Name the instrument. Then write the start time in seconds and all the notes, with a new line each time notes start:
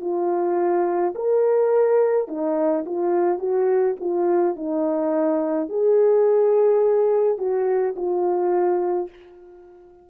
horn
0.00 F4
1.15 A#4
2.27 D#4
2.85 F4
3.39 F#4
4.00 F4
4.55 D#4
5.69 G#4
7.38 F#4
7.96 F4